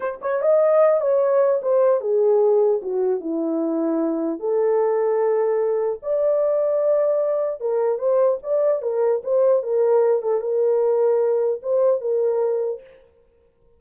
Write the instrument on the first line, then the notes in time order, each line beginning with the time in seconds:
horn
0.00 C5
0.21 C#5
0.41 D#5
1.01 C#5
1.62 C5
2.00 G#4
2.82 F#4
3.20 E4
4.39 A4
6.02 D5
7.60 A#4
7.98 C5
8.42 D5
8.81 A#4
9.23 C5
9.63 A#4
10.22 A4
10.41 A#4
11.62 C5
12.00 A#4